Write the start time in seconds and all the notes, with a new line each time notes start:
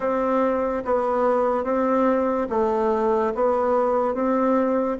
0.00 C4
0.84 B3
1.64 C4
2.49 A3
3.34 B3
4.14 C4